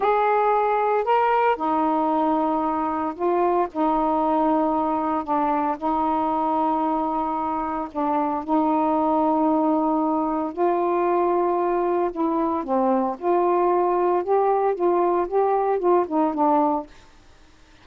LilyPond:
\new Staff \with { instrumentName = "saxophone" } { \time 4/4 \tempo 4 = 114 gis'2 ais'4 dis'4~ | dis'2 f'4 dis'4~ | dis'2 d'4 dis'4~ | dis'2. d'4 |
dis'1 | f'2. e'4 | c'4 f'2 g'4 | f'4 g'4 f'8 dis'8 d'4 | }